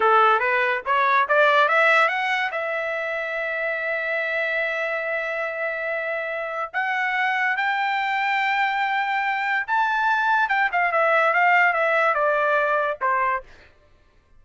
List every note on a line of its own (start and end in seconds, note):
0.00 0.39 A4
0.39 0.81 B4
0.85 1.27 C#5
1.28 1.68 D5
1.68 2.08 E5
2.08 2.50 F#5
2.51 6.71 E5
6.73 7.57 F#5
7.57 9.66 G5
9.67 10.48 A5
10.48 10.69 G5
10.72 10.92 F5
10.92 11.33 E5
11.33 11.73 F5
11.73 12.14 E5
12.14 12.98 D5
13.01 13.43 C5